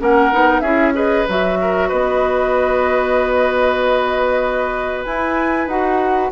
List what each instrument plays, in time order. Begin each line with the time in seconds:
0.00 bassoon A#3, clarinet C#4, oboe A#4, flute F#5
0.32 bassoon B3, clarinet D#4
0.60 bassoon C#4, clarinet E4, oboe G#4, flute E5
0.94 clarinet G#4, oboe B4, flute D#5
1.28 bassoon F#3, clarinet F#4, flute E5
1.61 oboe A#4
1.89 bassoon B3, oboe B4, flute D#5
5.04 bassoon E4, clarinet E4, flute G#5
5.67 bassoon D#4, clarinet F#4, flute F#5